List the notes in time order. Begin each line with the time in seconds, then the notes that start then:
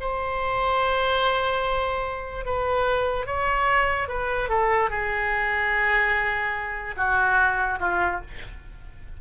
0.00 C5
2.45 B4
3.26 C#5
4.08 B4
4.49 A4
4.90 G#4
6.96 F#4
7.80 F4